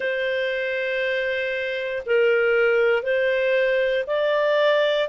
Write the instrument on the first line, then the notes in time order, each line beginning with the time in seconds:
clarinet
0.00 C5
2.06 A#4
3.02 C5
4.07 D5